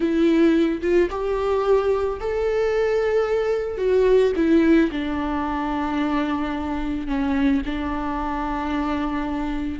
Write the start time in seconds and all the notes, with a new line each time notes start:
0.00 E4
0.81 F4
1.10 G4
2.19 A4
3.77 F#4
4.36 E4
4.91 D4
7.07 C#4
7.65 D4